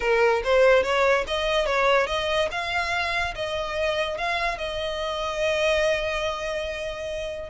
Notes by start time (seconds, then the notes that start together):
0.00 A#4
0.43 C5
0.83 C#5
1.27 D#5
1.66 C#5
2.07 D#5
2.51 F5
3.35 D#5
4.17 F5
4.58 D#5